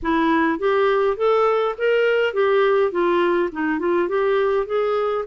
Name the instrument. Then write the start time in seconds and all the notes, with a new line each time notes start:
clarinet
0.02 E4
0.58 G4
1.17 A4
1.78 A#4
2.33 G4
2.91 F4
3.51 D#4
3.79 F4
4.08 G4
4.66 G#4